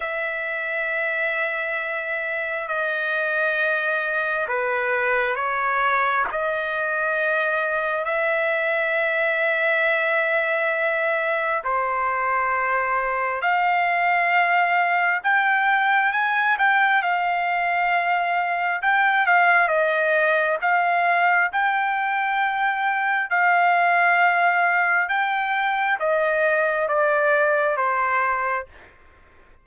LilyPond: \new Staff \with { instrumentName = "trumpet" } { \time 4/4 \tempo 4 = 67 e''2. dis''4~ | dis''4 b'4 cis''4 dis''4~ | dis''4 e''2.~ | e''4 c''2 f''4~ |
f''4 g''4 gis''8 g''8 f''4~ | f''4 g''8 f''8 dis''4 f''4 | g''2 f''2 | g''4 dis''4 d''4 c''4 | }